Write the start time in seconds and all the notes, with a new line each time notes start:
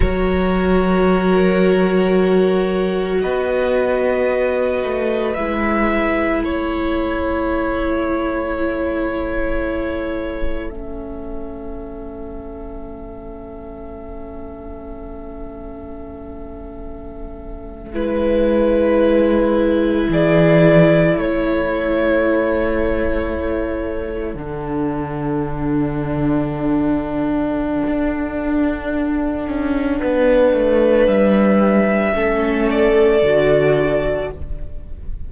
0.00 F#3 F#4 A#4 C#5
3.21 B3 B4 D#5
4.83 A3
5.34 G#3 E4 E5
6.42 A3 A4 C#5
10.69 C#4 E5
17.93 G#3 E4 B4
20.08 E3 G#4 D5
21.14 A3 A4 C#5
24.34 D3 D4 F#5
27.87 D4
29.47 C#4
29.99 B3 B4
30.53 A3
31.07 G3 E5
32.13 A3 C#4 A4
32.70 D5
33.21 D3 F#4